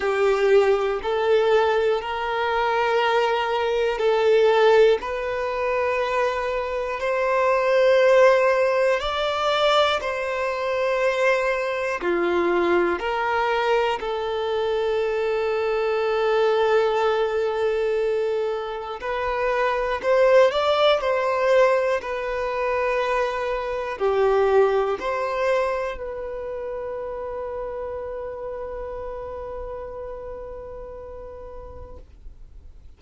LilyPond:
\new Staff \with { instrumentName = "violin" } { \time 4/4 \tempo 4 = 60 g'4 a'4 ais'2 | a'4 b'2 c''4~ | c''4 d''4 c''2 | f'4 ais'4 a'2~ |
a'2. b'4 | c''8 d''8 c''4 b'2 | g'4 c''4 b'2~ | b'1 | }